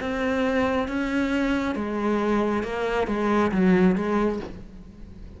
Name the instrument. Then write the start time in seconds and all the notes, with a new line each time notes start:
cello
0.00 C4
0.87 C#4
1.75 G#3
2.63 A#3
3.07 G#3
3.51 F#3
3.95 G#3